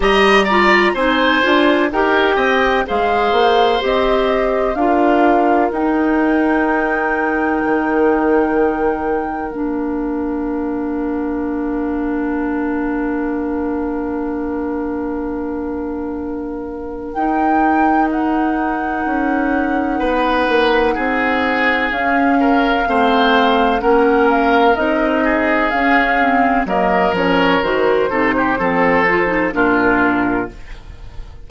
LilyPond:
<<
  \new Staff \with { instrumentName = "flute" } { \time 4/4 \tempo 4 = 63 ais''4 gis''4 g''4 f''4 | dis''4 f''4 g''2~ | g''2 f''2~ | f''1~ |
f''2 g''4 fis''4~ | fis''2. f''4~ | f''4 fis''8 f''8 dis''4 f''4 | dis''8 cis''8 c''2 ais'4 | }
  \new Staff \with { instrumentName = "oboe" } { \time 4/4 dis''8 d''8 c''4 ais'8 dis''8 c''4~ | c''4 ais'2.~ | ais'1~ | ais'1~ |
ais'1~ | ais'4 b'4 gis'4. ais'8 | c''4 ais'4. gis'4. | ais'4. a'16 g'16 a'4 f'4 | }
  \new Staff \with { instrumentName = "clarinet" } { \time 4/4 g'8 f'8 dis'8 f'8 g'4 gis'4 | g'4 f'4 dis'2~ | dis'2 d'2~ | d'1~ |
d'2 dis'2~ | dis'2. cis'4 | c'4 cis'4 dis'4 cis'8 c'8 | ais8 cis'8 fis'8 dis'8 c'8 f'16 dis'16 d'4 | }
  \new Staff \with { instrumentName = "bassoon" } { \time 4/4 g4 c'8 d'8 dis'8 c'8 gis8 ais8 | c'4 d'4 dis'2 | dis2 ais2~ | ais1~ |
ais2 dis'2 | cis'4 b8 ais8 c'4 cis'4 | a4 ais4 c'4 cis'4 | fis8 f8 dis8 c8 f4 ais,4 | }
>>